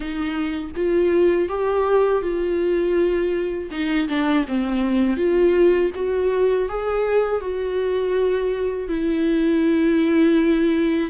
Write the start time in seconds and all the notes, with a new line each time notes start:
0.00 D#4
0.75 F4
1.48 G4
2.22 F4
3.71 D#4
4.08 D4
4.47 C4
5.16 F4
5.95 F#4
6.69 G#4
7.41 F#4
8.88 E4